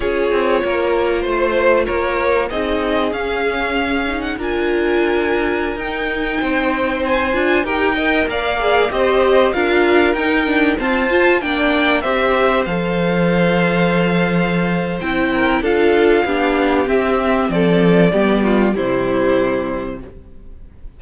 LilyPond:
<<
  \new Staff \with { instrumentName = "violin" } { \time 4/4 \tempo 4 = 96 cis''2 c''4 cis''4 | dis''4 f''4.~ f''16 fis''16 gis''4~ | gis''4~ gis''16 g''2 gis''8.~ | gis''16 g''4 f''4 dis''4 f''8.~ |
f''16 g''4 a''4 g''4 e''8.~ | e''16 f''2.~ f''8. | g''4 f''2 e''4 | d''2 c''2 | }
  \new Staff \with { instrumentName = "violin" } { \time 4/4 gis'4 ais'4 c''4 ais'4 | gis'2. ais'4~ | ais'2~ ais'16 c''4.~ c''16~ | c''16 ais'8 dis''8 d''4 c''4 ais'8.~ |
ais'4~ ais'16 c''4 d''4 c''8.~ | c''1~ | c''8 ais'8 a'4 g'2 | a'4 g'8 f'8 e'2 | }
  \new Staff \with { instrumentName = "viola" } { \time 4/4 f'1 | dis'4 cis'4. dis'8 f'4~ | f'4~ f'16 dis'2~ dis'8 f'16~ | f'16 g'8 ais'4 gis'8 g'4 f'8.~ |
f'16 dis'8 d'8 c'8 f'8 d'4 g'8.~ | g'16 a'2.~ a'8. | e'4 f'4 d'4 c'4~ | c'4 b4 g2 | }
  \new Staff \with { instrumentName = "cello" } { \time 4/4 cis'8 c'8 ais4 a4 ais4 | c'4 cis'2 d'4~ | d'4~ d'16 dis'4 c'4. d'16~ | d'16 dis'4 ais4 c'4 d'8.~ |
d'16 dis'4 f'4 ais4 c'8.~ | c'16 f2.~ f8. | c'4 d'4 b4 c'4 | f4 g4 c2 | }
>>